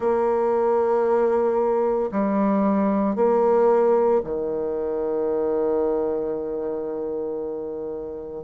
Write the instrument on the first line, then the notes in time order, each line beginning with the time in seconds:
bassoon
0.00 A#3
2.11 G3
3.15 A#3
4.23 D#3